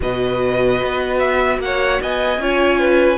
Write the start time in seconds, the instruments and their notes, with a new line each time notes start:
0.00 cello B2, viola F#4, violin B4 D#5
0.82 cello B3
1.18 violin E5
1.59 cello A#3, violin C#5 F#5
2.01 cello B3, violin D#5 G#5
2.38 cello C#4, viola F4, violin C#5
2.78 violin B4